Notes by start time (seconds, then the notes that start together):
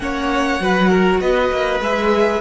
0.00 A#3 C#4 C#5 F#5
0.60 F#3 F#4 B4
0.90 A#4
1.21 B3 B4 D#5
1.52 A#3
1.81 G#3 G#4 E5